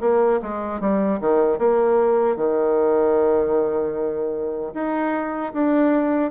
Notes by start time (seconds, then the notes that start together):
0.00 A#3
0.42 G#3
0.80 G3
1.20 D#3
1.58 A#3
2.36 D#3
4.73 D#4
5.53 D4